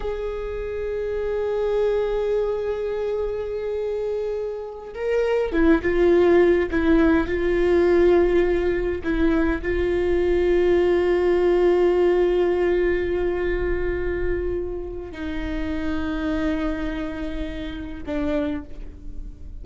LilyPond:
\new Staff \with { instrumentName = "viola" } { \time 4/4 \tempo 4 = 103 gis'1~ | gis'1~ | gis'8 ais'4 e'8 f'4. e'8~ | e'8 f'2. e'8~ |
e'8 f'2.~ f'8~ | f'1~ | f'2 dis'2~ | dis'2. d'4 | }